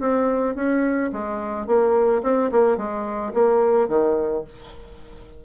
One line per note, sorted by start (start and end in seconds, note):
0.00 0.55 C4
0.55 1.10 C#4
1.12 1.66 G#3
1.66 2.22 A#3
2.23 2.51 C4
2.51 2.77 A#3
2.77 3.33 G#3
3.33 3.88 A#3
3.88 4.44 D#3